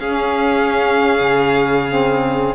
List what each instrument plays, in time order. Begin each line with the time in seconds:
0.00 cello C#4, saxophone C#4, violin G#4 F5
1.20 cello C#3
1.88 saxophone C4